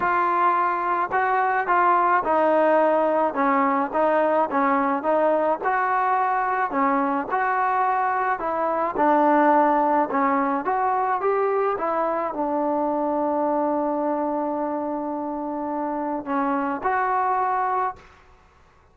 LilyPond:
\new Staff \with { instrumentName = "trombone" } { \time 4/4 \tempo 4 = 107 f'2 fis'4 f'4 | dis'2 cis'4 dis'4 | cis'4 dis'4 fis'2 | cis'4 fis'2 e'4 |
d'2 cis'4 fis'4 | g'4 e'4 d'2~ | d'1~ | d'4 cis'4 fis'2 | }